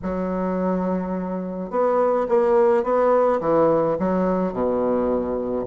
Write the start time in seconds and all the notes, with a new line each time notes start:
0.02 F#3
1.70 B3
2.28 A#3
2.83 B3
3.40 E3
3.99 F#3
4.53 B2